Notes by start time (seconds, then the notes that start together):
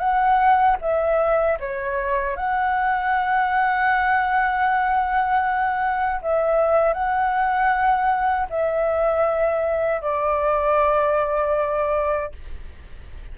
0.00 F#5
0.81 E5
1.60 C#5
2.37 F#5
6.22 E5
6.94 F#5
8.50 E5
10.02 D5